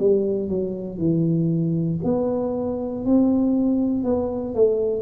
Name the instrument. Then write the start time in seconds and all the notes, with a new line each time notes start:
tuba
0.00 G3
0.49 F#3
0.98 E3
2.04 B3
3.05 C4
4.04 B3
4.55 A3